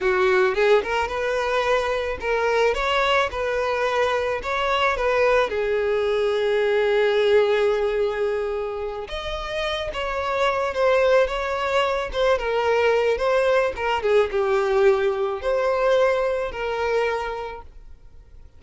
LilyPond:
\new Staff \with { instrumentName = "violin" } { \time 4/4 \tempo 4 = 109 fis'4 gis'8 ais'8 b'2 | ais'4 cis''4 b'2 | cis''4 b'4 gis'2~ | gis'1~ |
gis'8 dis''4. cis''4. c''8~ | c''8 cis''4. c''8 ais'4. | c''4 ais'8 gis'8 g'2 | c''2 ais'2 | }